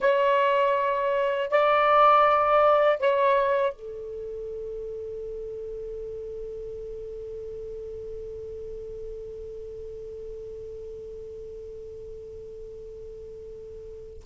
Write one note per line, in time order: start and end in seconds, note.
0.00 1.50 C#5
1.50 2.99 D5
2.99 3.72 C#5
3.72 14.22 A4